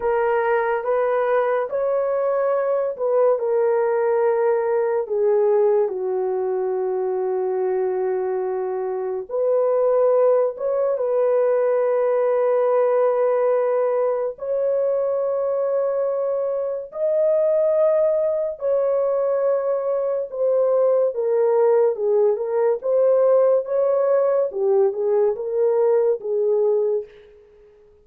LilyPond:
\new Staff \with { instrumentName = "horn" } { \time 4/4 \tempo 4 = 71 ais'4 b'4 cis''4. b'8 | ais'2 gis'4 fis'4~ | fis'2. b'4~ | b'8 cis''8 b'2.~ |
b'4 cis''2. | dis''2 cis''2 | c''4 ais'4 gis'8 ais'8 c''4 | cis''4 g'8 gis'8 ais'4 gis'4 | }